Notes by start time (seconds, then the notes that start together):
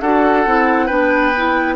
0.00 D4 F#4 A4 F#5
0.46 C4 E4
0.86 B3 D4 B4 G5
1.37 E4